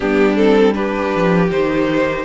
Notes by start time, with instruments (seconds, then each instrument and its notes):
0.00 cello G3, viola B3, violin D4 G4
0.36 viola C4, violin A4
0.73 viola D4, violin G4 B4
1.15 cello F3
1.50 cello D#3, viola D#4, violin C5